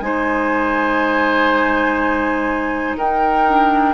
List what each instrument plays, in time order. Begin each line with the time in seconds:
0.00 bassoon G#3, clarinet D#4, oboe C5, flute G#5
2.98 bassoon D#4, oboe A#4, flute G5
3.47 clarinet D4